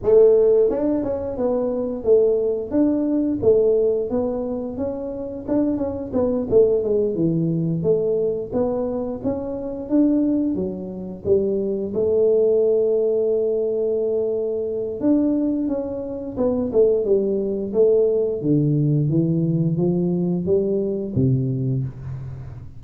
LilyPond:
\new Staff \with { instrumentName = "tuba" } { \time 4/4 \tempo 4 = 88 a4 d'8 cis'8 b4 a4 | d'4 a4 b4 cis'4 | d'8 cis'8 b8 a8 gis8 e4 a8~ | a8 b4 cis'4 d'4 fis8~ |
fis8 g4 a2~ a8~ | a2 d'4 cis'4 | b8 a8 g4 a4 d4 | e4 f4 g4 c4 | }